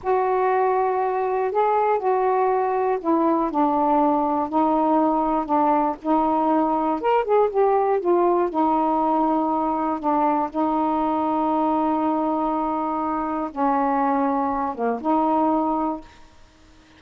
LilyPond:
\new Staff \with { instrumentName = "saxophone" } { \time 4/4 \tempo 4 = 120 fis'2. gis'4 | fis'2 e'4 d'4~ | d'4 dis'2 d'4 | dis'2 ais'8 gis'8 g'4 |
f'4 dis'2. | d'4 dis'2.~ | dis'2. cis'4~ | cis'4. ais8 dis'2 | }